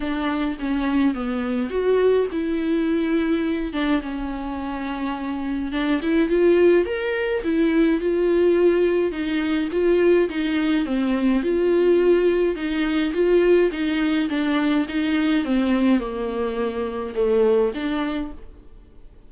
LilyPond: \new Staff \with { instrumentName = "viola" } { \time 4/4 \tempo 4 = 105 d'4 cis'4 b4 fis'4 | e'2~ e'8 d'8 cis'4~ | cis'2 d'8 e'8 f'4 | ais'4 e'4 f'2 |
dis'4 f'4 dis'4 c'4 | f'2 dis'4 f'4 | dis'4 d'4 dis'4 c'4 | ais2 a4 d'4 | }